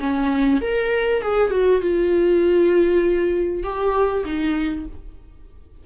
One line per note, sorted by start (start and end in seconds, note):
0.00 0.61 C#4
0.61 1.22 A#4
1.22 1.51 G#4
1.51 1.81 F#4
1.82 3.63 F4
3.63 4.24 G4
4.25 4.86 D#4